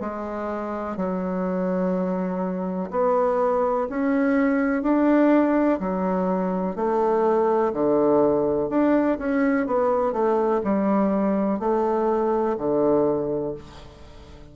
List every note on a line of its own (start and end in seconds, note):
0.00 0.96 G#3
0.96 2.90 F#3
2.90 3.87 B3
3.89 4.83 C#4
4.83 5.79 D4
5.80 6.76 F#3
6.76 7.72 A3
7.73 8.69 D3
8.69 9.18 D4
9.18 9.66 C#4
9.66 10.13 B3
10.13 10.61 A3
10.64 11.59 G3
11.59 12.56 A3
12.58 13.54 D3